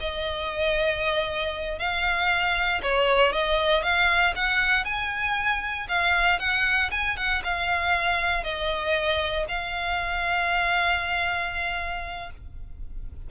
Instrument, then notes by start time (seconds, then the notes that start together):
violin
0.00 D#5
1.79 F5
2.82 C#5
3.32 D#5
3.83 F5
4.35 F#5
4.85 G#5
5.88 F5
6.39 F#5
6.91 G#5
7.17 F#5
7.44 F5
8.44 D#5
9.48 F5